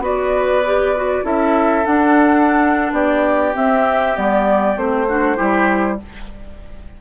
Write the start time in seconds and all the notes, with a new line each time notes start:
0.00 B3 F#4 B4 D5
0.66 G4
0.96 F#4
1.23 C#4 E4 A4 E5
1.86 D4 F#5
2.92 B3 G4 D5
3.54 C4 E5
4.15 G3 B3 D5
4.77 A3 C4 C5
5.08 D4 F#4
5.36 G3 E4 G4